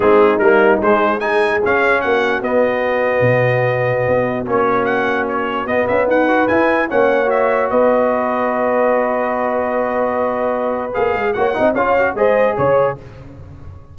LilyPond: <<
  \new Staff \with { instrumentName = "trumpet" } { \time 4/4 \tempo 4 = 148 gis'4 ais'4 c''4 gis''4 | f''4 fis''4 dis''2~ | dis''2. cis''4 | fis''4 cis''4 dis''8 e''8 fis''4 |
gis''4 fis''4 e''4 dis''4~ | dis''1~ | dis''2. f''4 | fis''4 f''4 dis''4 cis''4 | }
  \new Staff \with { instrumentName = "horn" } { \time 4/4 dis'2. gis'4~ | gis'4 fis'2.~ | fis'1~ | fis'2. b'4~ |
b'4 cis''2 b'4~ | b'1~ | b'1 | cis''8 dis''8 cis''4 c''4 cis''4 | }
  \new Staff \with { instrumentName = "trombone" } { \time 4/4 c'4 ais4 gis4 dis'4 | cis'2 b2~ | b2. cis'4~ | cis'2 b4. fis'8 |
e'4 cis'4 fis'2~ | fis'1~ | fis'2. gis'4 | fis'8 dis'8 f'8 fis'8 gis'2 | }
  \new Staff \with { instrumentName = "tuba" } { \time 4/4 gis4 g4 gis2 | cis'4 ais4 b2 | b,2 b4 ais4~ | ais2 b8 cis'8 dis'4 |
e'4 ais2 b4~ | b1~ | b2. ais8 gis8 | ais8 c'8 cis'4 gis4 cis4 | }
>>